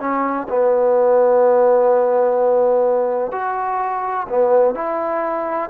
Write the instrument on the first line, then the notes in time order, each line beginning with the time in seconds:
trombone
0.00 C#4
0.49 B3
3.32 F#4
4.29 B3
4.75 E4